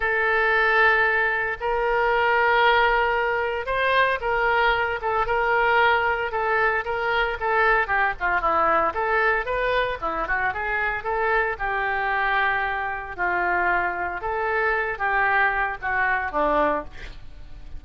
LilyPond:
\new Staff \with { instrumentName = "oboe" } { \time 4/4 \tempo 4 = 114 a'2. ais'4~ | ais'2. c''4 | ais'4. a'8 ais'2 | a'4 ais'4 a'4 g'8 f'8 |
e'4 a'4 b'4 e'8 fis'8 | gis'4 a'4 g'2~ | g'4 f'2 a'4~ | a'8 g'4. fis'4 d'4 | }